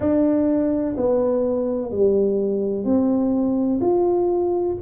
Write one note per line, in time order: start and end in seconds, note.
0.00 0.95 D4
0.97 1.90 B3
1.90 2.84 G3
2.84 3.79 C4
3.81 4.76 F4